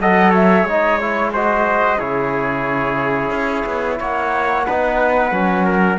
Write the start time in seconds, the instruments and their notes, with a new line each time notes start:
0.00 cello F#3, trombone A4, trumpet D#5, flute F#5
0.30 trumpet C#5, flute E5
0.63 cello G#3, trombone D#4, flute D#5
0.97 trombone E4, flute C#5
1.32 trombone F#4, trumpet C5, flute D#5
1.98 cello C#3, trombone E4, trumpet G#4, flute C#5
3.30 cello C#4
3.66 cello B3
3.99 cello A#3, trumpet C#5, flute F#5
4.66 cello B3, trombone D#4, trumpet B4
5.31 cello F#3, trombone C#4
5.64 trumpet A#4